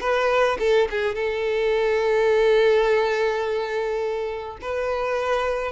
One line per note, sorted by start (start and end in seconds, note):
0.00 0.57 B4
0.59 0.88 A4
0.90 1.15 G#4
1.15 4.57 A4
4.61 5.71 B4